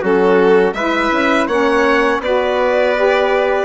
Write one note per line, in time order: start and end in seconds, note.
0.00 0.73 F#3
0.00 0.73 C#4
0.00 0.75 F#4
0.00 0.74 A4
0.73 1.10 G#3
0.73 1.50 E4
0.73 1.47 B4
0.73 1.47 E5
1.12 1.48 C#4
1.47 2.20 A#3
1.47 2.23 C#4
1.47 2.21 C#5
1.47 2.21 F#5
2.20 3.65 B3
2.20 2.96 F#4
2.20 3.65 B4
2.20 3.65 D5
2.96 3.65 G4